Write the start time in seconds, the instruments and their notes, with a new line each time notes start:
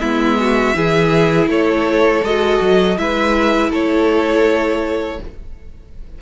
0.00 cello G#3, viola B3, violin E4 E5
0.41 violin F#4
0.75 cello E3, viola E4, violin G#4
1.47 cello A3, violin A4 C#5
2.24 cello G#3, viola F#4, violin D#5
2.61 cello F#3
2.98 cello G#3, viola E4, violin B4 E5
3.71 cello A3, violin A4 C#5